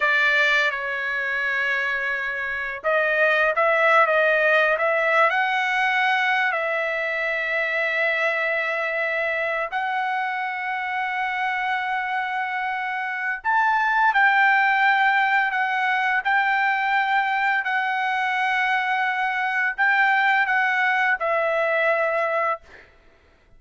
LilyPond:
\new Staff \with { instrumentName = "trumpet" } { \time 4/4 \tempo 4 = 85 d''4 cis''2. | dis''4 e''8. dis''4 e''8. fis''8~ | fis''4~ fis''16 e''2~ e''8.~ | e''4.~ e''16 fis''2~ fis''16~ |
fis''2. a''4 | g''2 fis''4 g''4~ | g''4 fis''2. | g''4 fis''4 e''2 | }